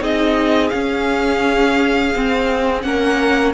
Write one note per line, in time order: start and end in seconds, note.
0.00 0.71 C4
0.00 0.71 D#4
0.00 2.84 G#4
0.00 0.69 D#5
0.69 2.14 C#4
0.69 2.15 C#4
0.69 2.81 F5
2.15 2.84 C4
2.82 3.54 A#3
2.82 3.54 C#4
2.82 3.54 A#4
2.82 3.52 F#5